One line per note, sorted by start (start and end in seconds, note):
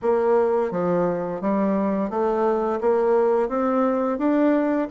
0.02 0.71 A#3
0.71 1.41 F3
1.41 2.10 G3
2.10 2.79 A3
2.80 3.48 A#3
3.48 4.18 C4
4.18 4.88 D4